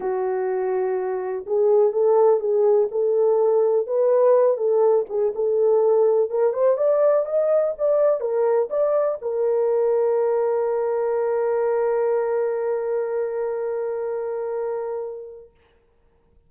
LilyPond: \new Staff \with { instrumentName = "horn" } { \time 4/4 \tempo 4 = 124 fis'2. gis'4 | a'4 gis'4 a'2 | b'4. a'4 gis'8 a'4~ | a'4 ais'8 c''8 d''4 dis''4 |
d''4 ais'4 d''4 ais'4~ | ais'1~ | ais'1~ | ais'1 | }